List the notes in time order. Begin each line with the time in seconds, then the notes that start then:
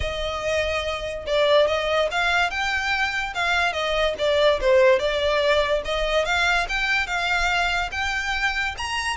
0.00 D#5
1.26 D5
1.67 D#5
2.11 F5
2.50 G5
3.34 F5
3.72 D#5
4.18 D5
4.60 C5
4.99 D5
5.84 D#5
6.25 F5
6.68 G5
7.06 F5
7.91 G5
8.77 A#5